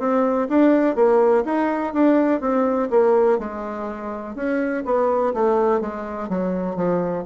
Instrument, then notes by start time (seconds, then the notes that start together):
bassoon
0.00 C4
0.49 D4
0.95 A#3
1.45 D#4
1.94 D4
2.41 C4
2.91 A#3
3.39 G#3
4.36 C#4
4.86 B3
5.34 A3
5.81 G#3
6.29 F#3
6.76 F3